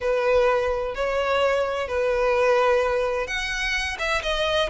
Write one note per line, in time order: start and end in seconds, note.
0.01 0.94 B4
0.95 1.87 C#5
1.87 3.27 B4
3.27 3.97 F#5
3.98 4.22 E5
4.22 4.69 D#5